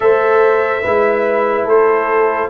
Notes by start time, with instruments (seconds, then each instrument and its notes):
0.00 tuba A3, trombone A4, horn C5, trumpet E5
0.82 tuba G#3, trombone E4, horn B4
1.64 tuba A3, horn A4, trumpet C5